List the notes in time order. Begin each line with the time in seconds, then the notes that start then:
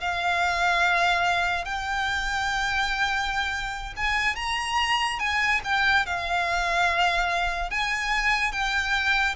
0.00 F5
1.64 G5
3.96 G#5
4.36 A#5
5.19 G#5
5.64 G5
6.06 F5
7.70 G#5
8.52 G5